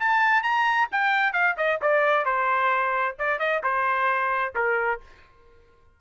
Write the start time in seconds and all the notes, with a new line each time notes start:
0.00 A5
0.43 A#5
0.92 G5
1.33 F5
1.58 D#5
1.82 D5
2.25 C5
3.19 D5
3.39 D#5
3.63 C5
4.55 A#4